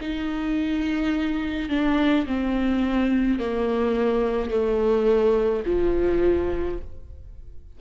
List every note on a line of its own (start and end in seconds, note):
0.00 1.69 D#4
1.69 2.26 D4
2.26 3.39 C4
3.39 4.50 A#3
4.50 5.63 A3
5.66 6.79 F3